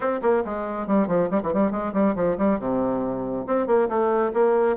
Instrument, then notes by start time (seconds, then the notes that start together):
bassoon
0.00 C4
0.22 A#3
0.44 G#3
0.87 G3
1.07 F3
1.30 G3
1.42 E3
1.53 G3
1.71 G#3
1.93 G3
2.15 F3
2.37 G3
2.59 C3
3.46 C4
3.67 A#3
3.88 A3
4.33 A#3